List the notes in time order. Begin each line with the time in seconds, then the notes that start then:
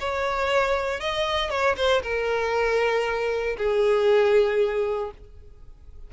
0.00 C#5
1.01 D#5
1.50 C#5
1.77 C5
2.03 A#4
3.58 G#4